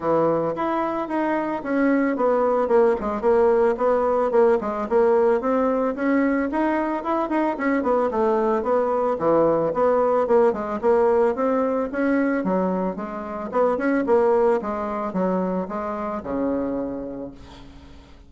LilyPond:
\new Staff \with { instrumentName = "bassoon" } { \time 4/4 \tempo 4 = 111 e4 e'4 dis'4 cis'4 | b4 ais8 gis8 ais4 b4 | ais8 gis8 ais4 c'4 cis'4 | dis'4 e'8 dis'8 cis'8 b8 a4 |
b4 e4 b4 ais8 gis8 | ais4 c'4 cis'4 fis4 | gis4 b8 cis'8 ais4 gis4 | fis4 gis4 cis2 | }